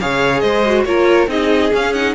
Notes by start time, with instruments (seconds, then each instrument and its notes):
0.00 cello C#3, viola G#4, violin C#5 F5
0.40 cello G#3, violin C5 D#5
0.66 viola F#4
0.84 cello A#3, viola F4, violin A#4 C#5
1.27 cello C4, viola D#4, violin G#4 D#5
1.72 viola C#4, cello C#4, violin F5
1.93 viola D#4, violin F#5